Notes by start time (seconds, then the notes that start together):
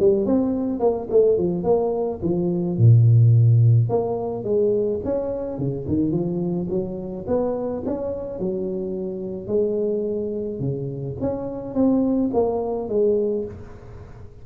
0.00 G3
0.26 C4
0.80 A#3
1.10 A3
1.38 F3
1.64 A#3
2.23 F3
2.78 A#2
3.89 A#3
4.44 G#3
5.05 C#4
5.58 C#3
5.88 D#3
6.12 F3
6.70 F#3
7.27 B3
7.86 C#4
8.39 F#3
9.48 G#3
10.60 C#3
11.21 C#4
11.75 C4
12.33 A#3
12.89 G#3